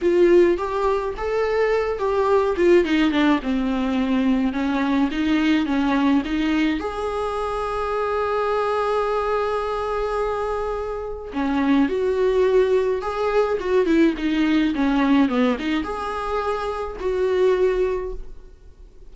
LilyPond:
\new Staff \with { instrumentName = "viola" } { \time 4/4 \tempo 4 = 106 f'4 g'4 a'4. g'8~ | g'8 f'8 dis'8 d'8 c'2 | cis'4 dis'4 cis'4 dis'4 | gis'1~ |
gis'1 | cis'4 fis'2 gis'4 | fis'8 e'8 dis'4 cis'4 b8 dis'8 | gis'2 fis'2 | }